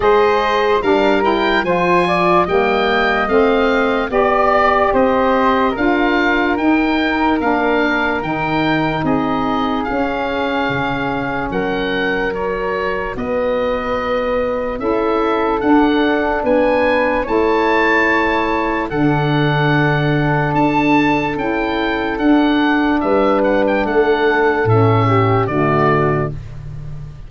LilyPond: <<
  \new Staff \with { instrumentName = "oboe" } { \time 4/4 \tempo 4 = 73 dis''4 f''8 g''8 gis''4 g''4 | f''4 d''4 dis''4 f''4 | g''4 f''4 g''4 dis''4 | f''2 fis''4 cis''4 |
dis''2 e''4 fis''4 | gis''4 a''2 fis''4~ | fis''4 a''4 g''4 fis''4 | e''8 fis''16 g''16 fis''4 e''4 d''4 | }
  \new Staff \with { instrumentName = "flute" } { \time 4/4 c''4 ais'4 c''8 d''8 dis''4~ | dis''4 d''4 c''4 ais'4~ | ais'2. gis'4~ | gis'2 ais'2 |
b'2 a'2 | b'4 cis''2 a'4~ | a'1 | b'4 a'4. g'8 fis'4 | }
  \new Staff \with { instrumentName = "saxophone" } { \time 4/4 gis'4 d'8 e'8 f'4 ais4 | c'4 g'2 f'4 | dis'4 d'4 dis'2 | cis'2. fis'4~ |
fis'2 e'4 d'4~ | d'4 e'2 d'4~ | d'2 e'4 d'4~ | d'2 cis'4 a4 | }
  \new Staff \with { instrumentName = "tuba" } { \time 4/4 gis4 g4 f4 g4 | a4 b4 c'4 d'4 | dis'4 ais4 dis4 c'4 | cis'4 cis4 fis2 |
b2 cis'4 d'4 | b4 a2 d4~ | d4 d'4 cis'4 d'4 | g4 a4 a,4 d4 | }
>>